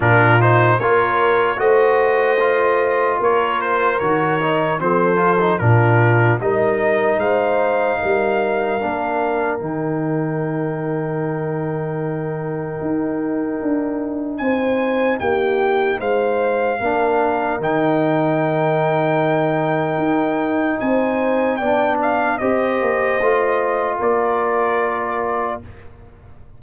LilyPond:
<<
  \new Staff \with { instrumentName = "trumpet" } { \time 4/4 \tempo 4 = 75 ais'8 c''8 cis''4 dis''2 | cis''8 c''8 cis''4 c''4 ais'4 | dis''4 f''2. | g''1~ |
g''2 gis''4 g''4 | f''2 g''2~ | g''2 gis''4 g''8 f''8 | dis''2 d''2 | }
  \new Staff \with { instrumentName = "horn" } { \time 4/4 f'4 ais'4 c''2 | ais'2 a'4 f'4 | ais'4 c''4 ais'2~ | ais'1~ |
ais'2 c''4 g'4 | c''4 ais'2.~ | ais'2 c''4 d''4 | c''2 ais'2 | }
  \new Staff \with { instrumentName = "trombone" } { \time 4/4 d'8 dis'8 f'4 fis'4 f'4~ | f'4 fis'8 dis'8 c'8 f'16 dis'16 d'4 | dis'2. d'4 | dis'1~ |
dis'1~ | dis'4 d'4 dis'2~ | dis'2. d'4 | g'4 f'2. | }
  \new Staff \with { instrumentName = "tuba" } { \time 4/4 ais,4 ais4 a2 | ais4 dis4 f4 ais,4 | g4 gis4 g4 ais4 | dis1 |
dis'4 d'4 c'4 ais4 | gis4 ais4 dis2~ | dis4 dis'4 c'4 b4 | c'8 ais8 a4 ais2 | }
>>